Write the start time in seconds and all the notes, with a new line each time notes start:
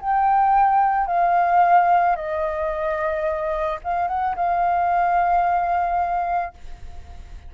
0.00 G5
1.06 F5
2.16 D#5
3.83 F5
4.08 F#5
4.35 F5